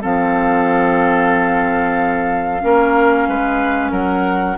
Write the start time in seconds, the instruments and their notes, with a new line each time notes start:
0.00 bassoon F3, clarinet C4, oboe A4, flute F5
2.60 bassoon A#3, clarinet C#4, oboe A#4
3.28 bassoon G#3, oboe B4
3.91 bassoon F#3, oboe A#4, flute F#5